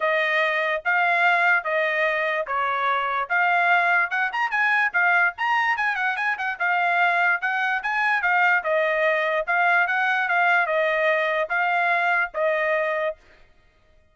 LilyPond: \new Staff \with { instrumentName = "trumpet" } { \time 4/4 \tempo 4 = 146 dis''2 f''2 | dis''2 cis''2 | f''2 fis''8 ais''8 gis''4 | f''4 ais''4 gis''8 fis''8 gis''8 fis''8 |
f''2 fis''4 gis''4 | f''4 dis''2 f''4 | fis''4 f''4 dis''2 | f''2 dis''2 | }